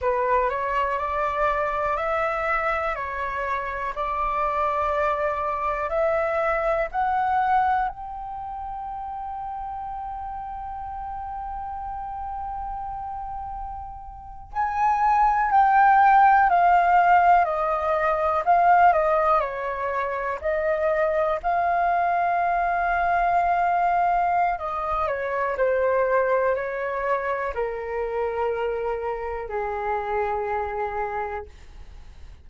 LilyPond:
\new Staff \with { instrumentName = "flute" } { \time 4/4 \tempo 4 = 61 b'8 cis''8 d''4 e''4 cis''4 | d''2 e''4 fis''4 | g''1~ | g''2~ g''8. gis''4 g''16~ |
g''8. f''4 dis''4 f''8 dis''8 cis''16~ | cis''8. dis''4 f''2~ f''16~ | f''4 dis''8 cis''8 c''4 cis''4 | ais'2 gis'2 | }